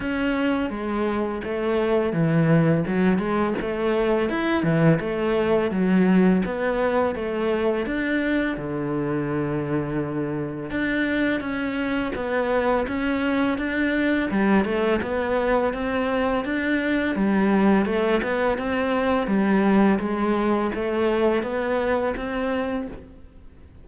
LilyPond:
\new Staff \with { instrumentName = "cello" } { \time 4/4 \tempo 4 = 84 cis'4 gis4 a4 e4 | fis8 gis8 a4 e'8 e8 a4 | fis4 b4 a4 d'4 | d2. d'4 |
cis'4 b4 cis'4 d'4 | g8 a8 b4 c'4 d'4 | g4 a8 b8 c'4 g4 | gis4 a4 b4 c'4 | }